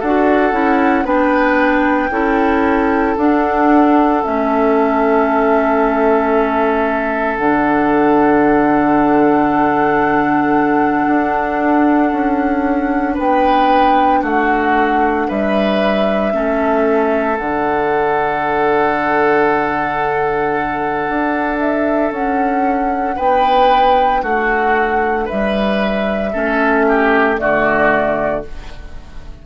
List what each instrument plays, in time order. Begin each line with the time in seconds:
0.00 bassoon D4, clarinet F#4, oboe A4, flute F#5
0.52 bassoon C#4, clarinet E4
1.04 bassoon B3, clarinet D4, oboe B4, flute G5
2.10 bassoon C#4, clarinet E4, oboe A4
3.18 bassoon D4, clarinet D4, flute F#5
4.23 bassoon A3, clarinet C#4, flute E5
7.36 bassoon D3, clarinet D4, flute F#5
11.07 bassoon D4
12.12 bassoon C#4
13.14 bassoon B3, oboe B4, flute G5
14.22 bassoon A3, oboe F#4, flute F#5
15.28 bassoon G3, oboe B4, flute E5
16.33 bassoon A3, clarinet C#4, oboe A4
17.36 bassoon D3, clarinet D4, flute F#5
21.09 bassoon D4
21.59 flute E5
22.11 bassoon C#4, flute F#5
23.16 bassoon B3, oboe B4, flute G5
24.22 bassoon A3, oboe F#4, flute F#5
25.25 oboe B4, flute E5
25.32 bassoon G3
26.33 bassoon A3, clarinet C#4, oboe A4
26.88 oboe G4
27.37 bassoon D3, clarinet A3, oboe F#4, flute D5